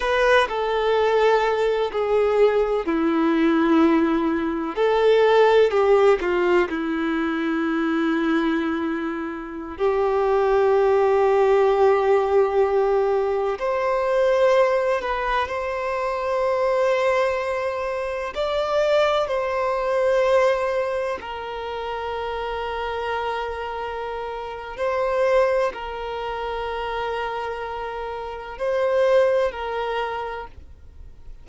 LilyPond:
\new Staff \with { instrumentName = "violin" } { \time 4/4 \tempo 4 = 63 b'8 a'4. gis'4 e'4~ | e'4 a'4 g'8 f'8 e'4~ | e'2~ e'16 g'4.~ g'16~ | g'2~ g'16 c''4. b'16~ |
b'16 c''2. d''8.~ | d''16 c''2 ais'4.~ ais'16~ | ais'2 c''4 ais'4~ | ais'2 c''4 ais'4 | }